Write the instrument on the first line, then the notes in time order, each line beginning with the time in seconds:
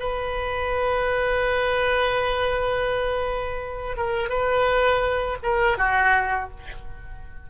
oboe
0.00 B4
3.97 A#4
4.29 B4
5.43 A#4
5.78 F#4